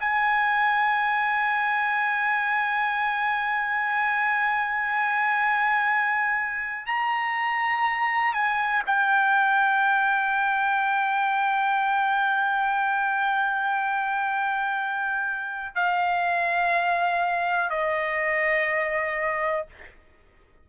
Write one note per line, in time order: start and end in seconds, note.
0.00 6.86 G#5
6.86 8.33 A#5
8.33 8.83 G#5
8.86 15.75 G5
15.75 17.70 F5
17.70 19.66 D#5